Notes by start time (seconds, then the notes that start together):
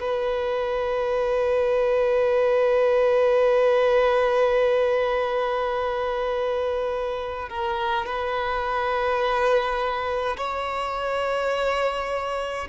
0.00 B4
7.49 A#4
8.06 B4
10.37 C#5